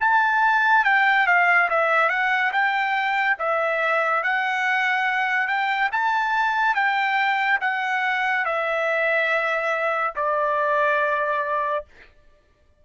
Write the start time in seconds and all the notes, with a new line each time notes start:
0.00 A5
0.84 G5
1.26 F5
1.69 E5
2.09 F#5
2.52 G5
3.39 E5
4.23 F#5
5.47 G5
5.92 A5
6.75 G5
7.61 F#5
8.45 E5
10.16 D5